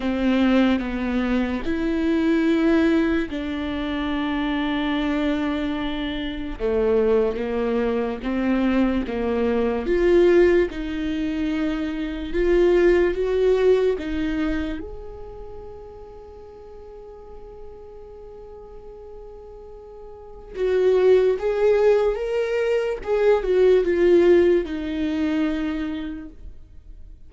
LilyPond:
\new Staff \with { instrumentName = "viola" } { \time 4/4 \tempo 4 = 73 c'4 b4 e'2 | d'1 | a4 ais4 c'4 ais4 | f'4 dis'2 f'4 |
fis'4 dis'4 gis'2~ | gis'1~ | gis'4 fis'4 gis'4 ais'4 | gis'8 fis'8 f'4 dis'2 | }